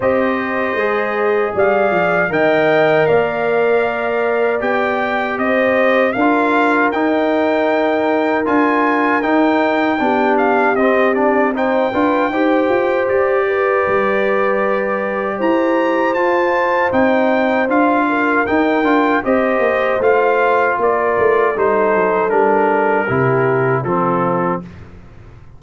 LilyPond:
<<
  \new Staff \with { instrumentName = "trumpet" } { \time 4/4 \tempo 4 = 78 dis''2 f''4 g''4 | f''2 g''4 dis''4 | f''4 g''2 gis''4 | g''4. f''8 dis''8 d''8 g''4~ |
g''4 d''2. | ais''4 a''4 g''4 f''4 | g''4 dis''4 f''4 d''4 | c''4 ais'2 a'4 | }
  \new Staff \with { instrumentName = "horn" } { \time 4/4 c''2 d''4 dis''4 | d''2. c''4 | ais'1~ | ais'4 g'2 c''8 b'8 |
c''4. b'2~ b'8 | c''2.~ c''8 ais'8~ | ais'4 c''2 ais'4 | a'2 g'4 f'4 | }
  \new Staff \with { instrumentName = "trombone" } { \time 4/4 g'4 gis'2 ais'4~ | ais'2 g'2 | f'4 dis'2 f'4 | dis'4 d'4 c'8 d'8 dis'8 f'8 |
g'1~ | g'4 f'4 dis'4 f'4 | dis'8 f'8 g'4 f'2 | dis'4 d'4 e'4 c'4 | }
  \new Staff \with { instrumentName = "tuba" } { \time 4/4 c'4 gis4 g8 f8 dis4 | ais2 b4 c'4 | d'4 dis'2 d'4 | dis'4 b4 c'4. d'8 |
dis'8 f'8 g'4 g2 | e'4 f'4 c'4 d'4 | dis'8 d'8 c'8 ais8 a4 ais8 a8 | g8 fis8 g4 c4 f4 | }
>>